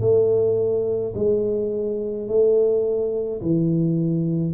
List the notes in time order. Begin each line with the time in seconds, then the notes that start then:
0.00 A3
1.15 G#3
2.27 A3
3.41 E3